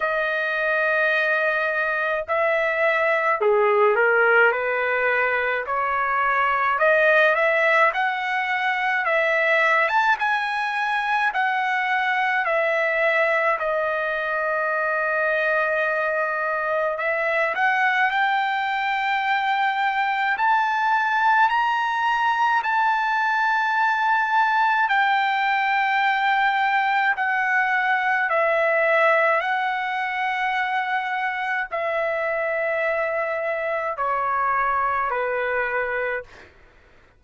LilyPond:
\new Staff \with { instrumentName = "trumpet" } { \time 4/4 \tempo 4 = 53 dis''2 e''4 gis'8 ais'8 | b'4 cis''4 dis''8 e''8 fis''4 | e''8. a''16 gis''4 fis''4 e''4 | dis''2. e''8 fis''8 |
g''2 a''4 ais''4 | a''2 g''2 | fis''4 e''4 fis''2 | e''2 cis''4 b'4 | }